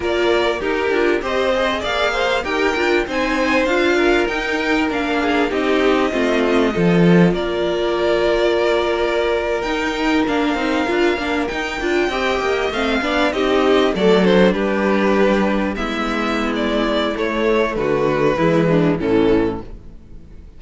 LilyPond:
<<
  \new Staff \with { instrumentName = "violin" } { \time 4/4 \tempo 4 = 98 d''4 ais'4 dis''4 f''4 | g''4 gis''4 f''4 g''4 | f''4 dis''2. | d''2.~ d''8. g''16~ |
g''8. f''2 g''4~ g''16~ | g''8. f''4 dis''4 d''8 c''8 b'16~ | b'4.~ b'16 e''4~ e''16 d''4 | cis''4 b'2 a'4 | }
  \new Staff \with { instrumentName = "violin" } { \time 4/4 ais'4 g'4 c''4 d''8 c''8 | ais'4 c''4. ais'4.~ | ais'8 gis'8 g'4 f'4 a'4 | ais'1~ |
ais'2.~ ais'8. dis''16~ | dis''4~ dis''16 d''8 g'4 a'4 g'16~ | g'4.~ g'16 e'2~ e'16~ | e'4 fis'4 e'8 d'8 cis'4 | }
  \new Staff \with { instrumentName = "viola" } { \time 4/4 f'4 dis'8 f'8 g'8 gis'4. | g'8 f'8 dis'4 f'4 dis'4 | d'4 dis'4 c'4 f'4~ | f'2.~ f'8. dis'16~ |
dis'8. d'8 dis'8 f'8 d'8 dis'8 f'8 g'16~ | g'8. c'8 d'8 dis'4 a8 d'8.~ | d'4.~ d'16 b2~ b16 | a2 gis4 e4 | }
  \new Staff \with { instrumentName = "cello" } { \time 4/4 ais4 dis'8 d'8 c'4 ais4 | dis'8 d'8 c'4 d'4 dis'4 | ais4 c'4 a4 f4 | ais2.~ ais8. dis'16~ |
dis'8. ais8 c'8 d'8 ais8 dis'8 d'8 c'16~ | c'16 ais8 a8 b8 c'4 fis4 g16~ | g4.~ g16 gis2~ gis16 | a4 d4 e4 a,4 | }
>>